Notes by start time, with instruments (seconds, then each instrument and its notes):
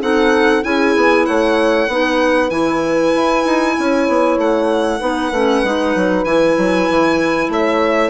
0.00 bassoon C4, clarinet D#4, horn A4, violin F#5
0.62 bassoon C#4, clarinet E4, horn G#4, violin G#5
0.96 bassoon B3
1.25 bassoon A3, horn C#5, violin F#5
1.87 bassoon B3, clarinet D#4, horn B4
2.49 bassoon E3, clarinet E4, violin G#5
3.15 bassoon E4
3.45 bassoon D#4
3.78 bassoon C#4, horn C#5
4.08 bassoon B3
4.37 bassoon A3, violin F#5
4.99 bassoon B3, clarinet D#4, horn B4
5.31 bassoon A3, clarinet C#4
5.63 bassoon G#3, clarinet D#4
5.95 bassoon F#3
6.24 bassoon E3, clarinet E4, violin G#5
6.57 bassoon F#3
6.89 bassoon E3
7.48 bassoon A3, horn C#5, violin E5